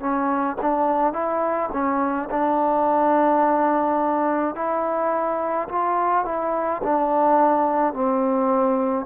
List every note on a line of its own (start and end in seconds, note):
0.00 0.57 C#4
0.62 1.14 D4
1.14 1.70 E4
1.73 2.30 C#4
2.31 4.55 D4
4.55 5.69 E4
5.69 6.26 F4
6.26 6.82 E4
6.84 7.94 D4
7.94 9.06 C4